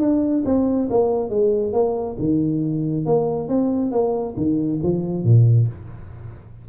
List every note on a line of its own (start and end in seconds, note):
0.00 0.43 D4
0.45 0.89 C4
0.90 1.30 A#3
1.30 1.73 G#3
1.73 2.16 A#3
2.19 3.06 D#3
3.06 3.48 A#3
3.48 3.92 C4
3.92 4.35 A#3
4.37 4.80 D#3
4.83 5.24 F3
5.24 5.67 A#2